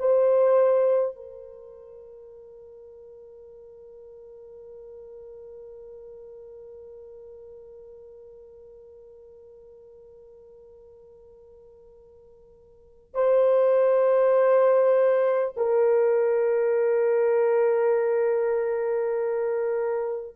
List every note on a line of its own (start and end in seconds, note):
0.00 1.16 C5
1.16 13.15 A#4
13.15 15.55 C5
15.57 20.36 A#4